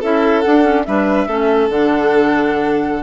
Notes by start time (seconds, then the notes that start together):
0.00 C#4 E4 A4 E5
0.41 D4 F#5
0.63 C#4
0.85 G3 D4 B4 E5
1.28 A3 C#4 A4
1.69 D3 D4 F#5